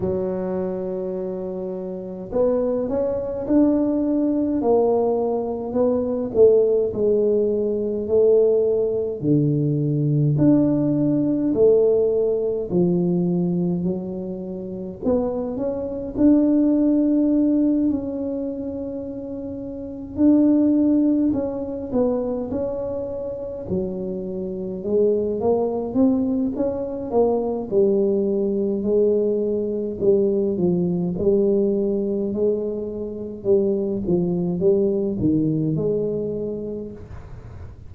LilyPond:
\new Staff \with { instrumentName = "tuba" } { \time 4/4 \tempo 4 = 52 fis2 b8 cis'8 d'4 | ais4 b8 a8 gis4 a4 | d4 d'4 a4 f4 | fis4 b8 cis'8 d'4. cis'8~ |
cis'4. d'4 cis'8 b8 cis'8~ | cis'8 fis4 gis8 ais8 c'8 cis'8 ais8 | g4 gis4 g8 f8 g4 | gis4 g8 f8 g8 dis8 gis4 | }